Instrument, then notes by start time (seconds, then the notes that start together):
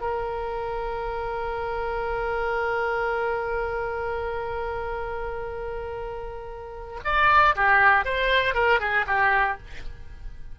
oboe
0.00 A#4
7.04 D5
7.55 G4
8.05 C5
8.54 A#4
8.80 G#4
9.06 G4